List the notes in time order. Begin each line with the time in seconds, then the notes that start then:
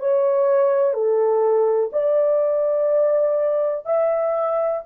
0.00 C#5
0.94 A4
1.93 D5
3.86 E5